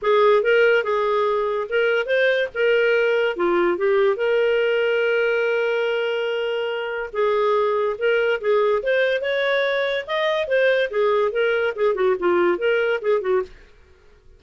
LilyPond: \new Staff \with { instrumentName = "clarinet" } { \time 4/4 \tempo 4 = 143 gis'4 ais'4 gis'2 | ais'4 c''4 ais'2 | f'4 g'4 ais'2~ | ais'1~ |
ais'4 gis'2 ais'4 | gis'4 c''4 cis''2 | dis''4 c''4 gis'4 ais'4 | gis'8 fis'8 f'4 ais'4 gis'8 fis'8 | }